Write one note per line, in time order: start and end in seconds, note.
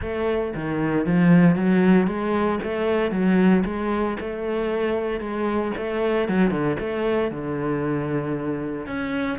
0.01 0.54 A3
0.54 1.06 D#3
1.06 1.55 F3
1.55 2.07 F#3
2.07 2.59 G#3
2.63 3.11 A3
3.11 3.63 F#3
3.65 4.17 G#3
4.20 5.19 A3
5.19 5.72 G#3
5.77 6.28 A3
6.28 6.50 F#3
6.50 6.76 D3
6.79 7.31 A3
7.31 8.86 D3
8.86 9.38 C#4